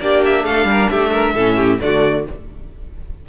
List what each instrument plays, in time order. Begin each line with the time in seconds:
0.00 cello A#3, viola D4, violin G4 D5
0.25 violin E5
0.45 cello A3, violin A4 F5
0.65 cello G3, violin A#4
0.90 cello A3, violin G4 E5
1.11 violin A#4
1.34 cello A2, viola C#4, violin A4
1.56 violin G4
1.78 cello D3, viola A3, violin F#4 D5